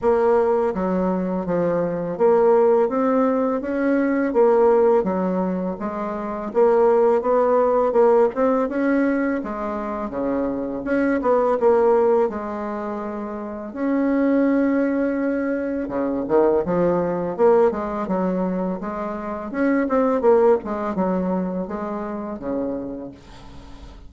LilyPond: \new Staff \with { instrumentName = "bassoon" } { \time 4/4 \tempo 4 = 83 ais4 fis4 f4 ais4 | c'4 cis'4 ais4 fis4 | gis4 ais4 b4 ais8 c'8 | cis'4 gis4 cis4 cis'8 b8 |
ais4 gis2 cis'4~ | cis'2 cis8 dis8 f4 | ais8 gis8 fis4 gis4 cis'8 c'8 | ais8 gis8 fis4 gis4 cis4 | }